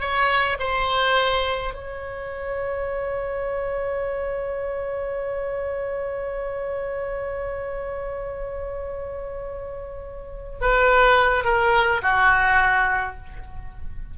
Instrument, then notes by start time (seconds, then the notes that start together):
oboe
0.00 C#5
0.59 C5
1.74 C#5
10.61 B4
11.44 A#4
12.02 F#4